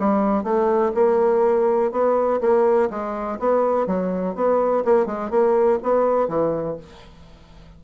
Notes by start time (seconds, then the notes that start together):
0.00 G3
0.44 A3
0.95 A#3
1.92 B3
2.41 A#3
2.90 G#3
3.39 B3
3.87 F#3
4.35 B3
4.85 A#3
5.06 G#3
5.31 A#3
5.83 B3
6.28 E3